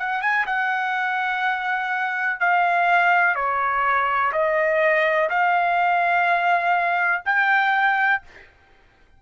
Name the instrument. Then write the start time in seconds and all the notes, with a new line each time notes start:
trumpet
0.00 F#5
0.22 G#5
0.47 F#5
2.41 F5
3.36 C#5
4.33 D#5
5.30 F5
7.26 G5